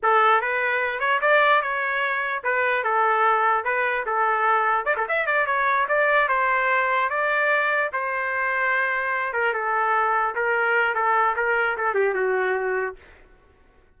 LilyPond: \new Staff \with { instrumentName = "trumpet" } { \time 4/4 \tempo 4 = 148 a'4 b'4. cis''8 d''4 | cis''2 b'4 a'4~ | a'4 b'4 a'2 | d''16 a'16 e''8 d''8 cis''4 d''4 c''8~ |
c''4. d''2 c''8~ | c''2. ais'8 a'8~ | a'4. ais'4. a'4 | ais'4 a'8 g'8 fis'2 | }